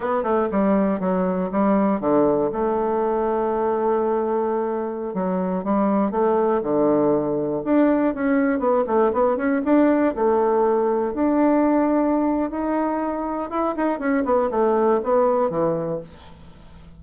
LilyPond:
\new Staff \with { instrumentName = "bassoon" } { \time 4/4 \tempo 4 = 120 b8 a8 g4 fis4 g4 | d4 a2.~ | a2~ a16 fis4 g8.~ | g16 a4 d2 d'8.~ |
d'16 cis'4 b8 a8 b8 cis'8 d'8.~ | d'16 a2 d'4.~ d'16~ | d'4 dis'2 e'8 dis'8 | cis'8 b8 a4 b4 e4 | }